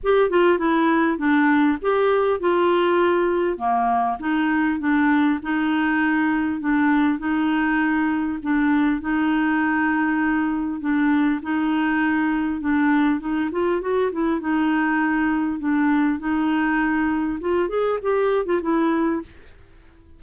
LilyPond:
\new Staff \with { instrumentName = "clarinet" } { \time 4/4 \tempo 4 = 100 g'8 f'8 e'4 d'4 g'4 | f'2 ais4 dis'4 | d'4 dis'2 d'4 | dis'2 d'4 dis'4~ |
dis'2 d'4 dis'4~ | dis'4 d'4 dis'8 f'8 fis'8 e'8 | dis'2 d'4 dis'4~ | dis'4 f'8 gis'8 g'8. f'16 e'4 | }